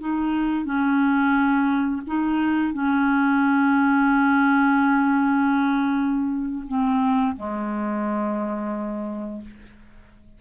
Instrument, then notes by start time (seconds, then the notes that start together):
clarinet
0.00 D#4
0.65 C#4
2.07 D#4
2.73 C#4
6.68 C4
7.36 G#3